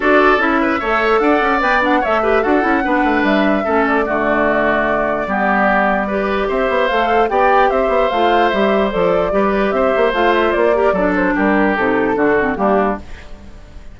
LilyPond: <<
  \new Staff \with { instrumentName = "flute" } { \time 4/4 \tempo 4 = 148 d''4 e''2 fis''4 | g''8 fis''8 e''4 fis''2 | e''4. d''2~ d''8~ | d''1 |
e''4 f''4 g''4 e''4 | f''4 e''4 d''2 | e''4 f''8 e''8 d''4. c''8 | ais'4 a'2 g'4 | }
  \new Staff \with { instrumentName = "oboe" } { \time 4/4 a'4. b'8 cis''4 d''4~ | d''4 cis''8 b'8 a'4 b'4~ | b'4 a'4 fis'2~ | fis'4 g'2 b'4 |
c''2 d''4 c''4~ | c''2. b'4 | c''2~ c''8 ais'8 a'4 | g'2 fis'4 d'4 | }
  \new Staff \with { instrumentName = "clarinet" } { \time 4/4 fis'4 e'4 a'2 | b'8 d'8 a'8 g'8 fis'8 e'8 d'4~ | d'4 cis'4 a2~ | a4 b2 g'4~ |
g'4 a'4 g'2 | f'4 g'4 a'4 g'4~ | g'4 f'4. g'8 d'4~ | d'4 dis'4 d'8 c'8 ais4 | }
  \new Staff \with { instrumentName = "bassoon" } { \time 4/4 d'4 cis'4 a4 d'8 cis'8 | b4 a4 d'8 cis'8 b8 a8 | g4 a4 d2~ | d4 g2. |
c'8 b8 a4 b4 c'8 b8 | a4 g4 f4 g4 | c'8 ais8 a4 ais4 fis4 | g4 c4 d4 g4 | }
>>